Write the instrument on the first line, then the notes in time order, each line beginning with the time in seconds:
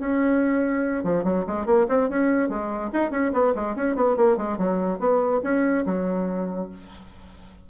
bassoon
0.00 C#4
1.04 F3
1.24 F#3
1.47 G#3
1.66 A#3
1.89 C4
2.10 C#4
2.49 G#3
2.93 D#4
3.12 C#4
3.33 B3
3.55 G#3
3.76 C#4
3.96 B3
4.17 A#3
4.37 G#3
4.58 F#3
5.00 B3
5.44 C#4
5.86 F#3